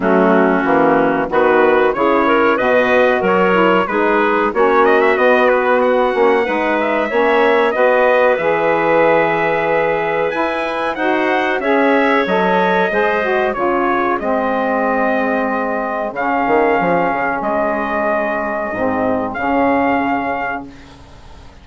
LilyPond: <<
  \new Staff \with { instrumentName = "trumpet" } { \time 4/4 \tempo 4 = 93 fis'2 b'4 cis''4 | dis''4 cis''4 b'4 cis''8 dis''16 e''16 | dis''8 b'8 fis''4. e''4. | dis''4 e''2. |
gis''4 fis''4 e''4 dis''4~ | dis''4 cis''4 dis''2~ | dis''4 f''2 dis''4~ | dis''2 f''2 | }
  \new Staff \with { instrumentName = "clarinet" } { \time 4/4 cis'2 fis'4 gis'8 ais'8 | b'4 ais'4 gis'4 fis'4~ | fis'2 b'4 cis''4 | b'1~ |
b'4 c''4 cis''2 | c''4 gis'2.~ | gis'1~ | gis'1 | }
  \new Staff \with { instrumentName = "saxophone" } { \time 4/4 a4 ais4 b4 e'4 | fis'4. e'8 dis'4 cis'4 | b4. cis'8 dis'4 cis'4 | fis'4 gis'2. |
e'4 fis'4 gis'4 a'4 | gis'8 fis'8 f'4 c'2~ | c'4 cis'2.~ | cis'4 c'4 cis'2 | }
  \new Staff \with { instrumentName = "bassoon" } { \time 4/4 fis4 e4 dis4 cis4 | b,4 fis4 gis4 ais4 | b4. ais8 gis4 ais4 | b4 e2. |
e'4 dis'4 cis'4 fis4 | gis4 cis4 gis2~ | gis4 cis8 dis8 f8 cis8 gis4~ | gis4 gis,4 cis2 | }
>>